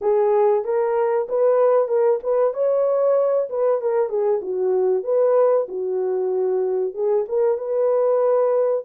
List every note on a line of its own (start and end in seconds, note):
0.01 0.64 G#4
0.64 1.27 A#4
1.28 1.88 B4
1.88 2.19 A#4
2.23 2.53 B4
2.53 3.48 C#5
3.49 3.81 B4
3.81 4.09 A#4
4.09 4.40 G#4
4.41 5.03 F#4
5.03 5.66 B4
5.68 6.93 F#4
6.93 7.25 G#4
7.28 7.58 A#4
7.58 8.84 B4